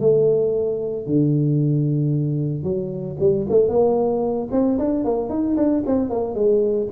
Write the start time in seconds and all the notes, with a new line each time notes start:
0.00 A3
1.06 D3
2.63 F#3
3.19 G3
3.49 A3
3.68 A#3
4.51 C4
4.78 D4
5.04 A#3
5.29 D#4
5.56 D4
5.86 C4
6.10 A#3
6.35 G#3